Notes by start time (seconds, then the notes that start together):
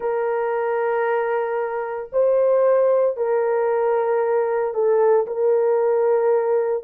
0.00 A#4
2.12 C5
3.16 A#4
4.74 A4
5.26 A#4